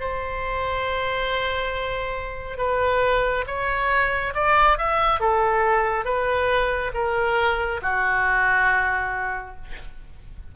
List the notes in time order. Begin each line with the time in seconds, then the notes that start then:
0.00 C5
2.58 B4
3.47 C#5
4.34 D5
4.78 E5
5.20 A4
6.05 B4
6.94 A#4
7.82 F#4